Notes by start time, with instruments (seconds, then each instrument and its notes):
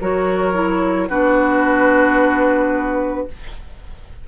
0.00 bassoon F#3, clarinet F#4, oboe A#4, flute C#5
0.53 clarinet E4
1.08 bassoon B3, clarinet D4, oboe F#4, flute B4